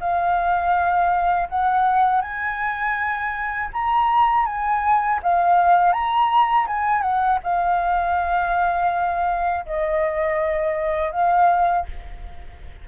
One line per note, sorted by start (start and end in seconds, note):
0.00 1.48 F5
1.49 2.21 F#5
2.21 3.69 G#5
3.73 4.45 A#5
4.45 5.20 G#5
5.23 5.92 F5
5.92 6.66 A#5
6.67 7.01 G#5
7.01 7.38 F#5
7.43 9.65 F5
9.65 11.11 D#5
11.11 11.86 F5